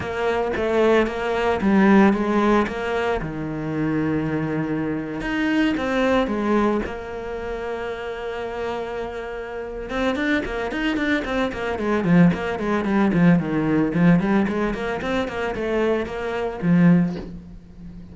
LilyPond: \new Staff \with { instrumentName = "cello" } { \time 4/4 \tempo 4 = 112 ais4 a4 ais4 g4 | gis4 ais4 dis2~ | dis4.~ dis16 dis'4 c'4 gis16~ | gis8. ais2.~ ais16~ |
ais2~ ais8 c'8 d'8 ais8 | dis'8 d'8 c'8 ais8 gis8 f8 ais8 gis8 | g8 f8 dis4 f8 g8 gis8 ais8 | c'8 ais8 a4 ais4 f4 | }